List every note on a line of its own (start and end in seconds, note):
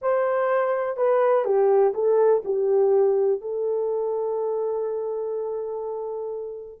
0.01 0.96 C5
0.96 1.44 B4
1.44 1.93 G4
1.94 2.42 A4
2.44 3.41 G4
3.41 6.80 A4